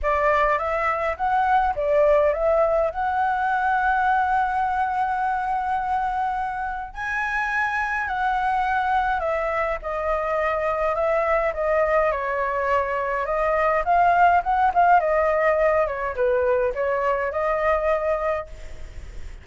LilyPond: \new Staff \with { instrumentName = "flute" } { \time 4/4 \tempo 4 = 104 d''4 e''4 fis''4 d''4 | e''4 fis''2.~ | fis''1 | gis''2 fis''2 |
e''4 dis''2 e''4 | dis''4 cis''2 dis''4 | f''4 fis''8 f''8 dis''4. cis''8 | b'4 cis''4 dis''2 | }